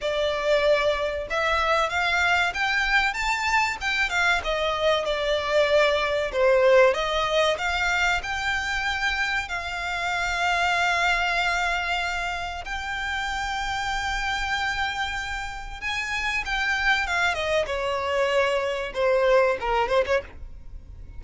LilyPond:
\new Staff \with { instrumentName = "violin" } { \time 4/4 \tempo 4 = 95 d''2 e''4 f''4 | g''4 a''4 g''8 f''8 dis''4 | d''2 c''4 dis''4 | f''4 g''2 f''4~ |
f''1 | g''1~ | g''4 gis''4 g''4 f''8 dis''8 | cis''2 c''4 ais'8 c''16 cis''16 | }